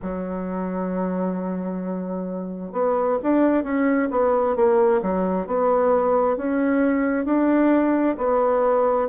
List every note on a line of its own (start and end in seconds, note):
0.02 2.72 F#3
2.72 3.18 B3
3.22 3.63 D4
3.63 4.09 C#4
4.10 4.55 B3
4.55 5.01 A#3
5.02 5.47 F#3
5.47 6.36 B3
6.36 7.25 C#4
7.25 8.16 D4
8.17 9.08 B3